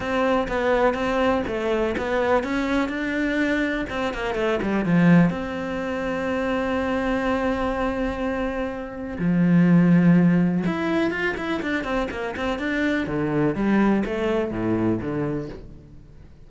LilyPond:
\new Staff \with { instrumentName = "cello" } { \time 4/4 \tempo 4 = 124 c'4 b4 c'4 a4 | b4 cis'4 d'2 | c'8 ais8 a8 g8 f4 c'4~ | c'1~ |
c'2. f4~ | f2 e'4 f'8 e'8 | d'8 c'8 ais8 c'8 d'4 d4 | g4 a4 a,4 d4 | }